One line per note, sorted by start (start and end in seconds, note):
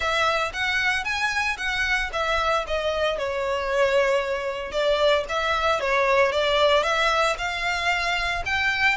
0.00 0.52 E5
0.53 1.04 F#5
1.04 1.56 G#5
1.57 2.10 F#5
2.12 2.65 E5
2.67 3.18 D#5
3.18 4.71 C#5
4.71 5.24 D5
5.28 5.80 E5
5.80 6.32 C#5
6.32 6.83 D5
6.83 7.35 E5
7.38 8.43 F5
8.45 8.97 G5